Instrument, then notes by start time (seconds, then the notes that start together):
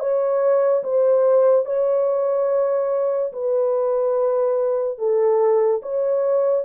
horn
0.00 C#5
0.84 C5
1.66 C#5
3.33 B4
4.98 A4
5.83 C#5